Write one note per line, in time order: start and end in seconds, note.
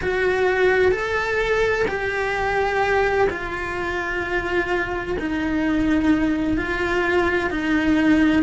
0.01 0.91 F#4
0.91 1.85 A4
1.87 3.28 G4
3.29 5.17 F4
5.19 6.57 D#4
6.57 7.50 F4
7.50 8.43 D#4